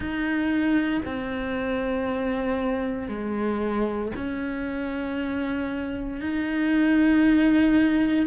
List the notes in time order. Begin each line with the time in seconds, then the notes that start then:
0.00 D#4
1.05 C4
3.08 G#3
4.16 C#4
6.20 D#4